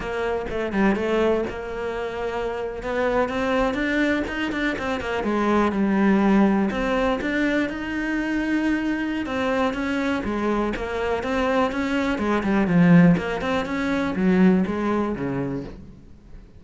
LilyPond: \new Staff \with { instrumentName = "cello" } { \time 4/4 \tempo 4 = 123 ais4 a8 g8 a4 ais4~ | ais4.~ ais16 b4 c'4 d'16~ | d'8. dis'8 d'8 c'8 ais8 gis4 g16~ | g4.~ g16 c'4 d'4 dis'16~ |
dis'2. c'4 | cis'4 gis4 ais4 c'4 | cis'4 gis8 g8 f4 ais8 c'8 | cis'4 fis4 gis4 cis4 | }